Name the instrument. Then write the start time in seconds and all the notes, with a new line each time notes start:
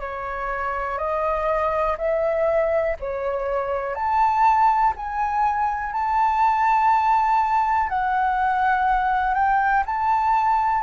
flute
0.00 C#5
0.98 D#5
1.98 E5
3.00 C#5
3.95 A5
4.96 G#5
5.93 A5
7.90 F#5
9.35 G5
9.86 A5